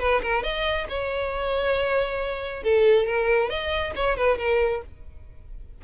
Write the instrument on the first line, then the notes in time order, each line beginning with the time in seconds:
violin
0.00 B4
0.23 A#4
0.44 D#5
0.89 C#5
2.64 A4
3.07 A#4
3.50 D#5
3.96 C#5
4.17 B4
4.38 A#4